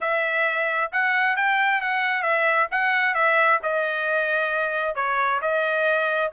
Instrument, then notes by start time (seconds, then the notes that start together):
trumpet
0.00 E5
0.91 F#5
1.36 G5
1.81 F#5
2.22 E5
2.71 F#5
3.14 E5
3.63 D#5
4.95 C#5
5.41 D#5